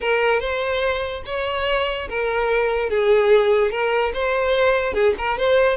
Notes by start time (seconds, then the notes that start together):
0.00 A#4
0.40 C5
1.25 C#5
2.09 A#4
2.89 G#4
3.71 A#4
4.13 C5
4.93 G#4
5.18 A#4
5.38 C5